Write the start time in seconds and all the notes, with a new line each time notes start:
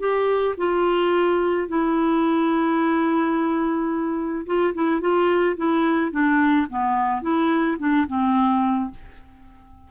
0.00 G4
0.58 F4
1.69 E4
4.46 F4
4.75 E4
5.01 F4
5.57 E4
6.12 D4
6.70 B3
7.22 E4
7.79 D4
8.08 C4